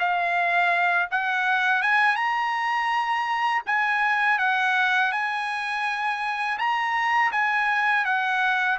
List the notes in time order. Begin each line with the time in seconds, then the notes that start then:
0.00 F5
1.11 F#5
1.83 G#5
2.16 A#5
3.67 G#5
4.39 F#5
5.12 G#5
6.59 A#5
7.32 G#5
8.06 F#5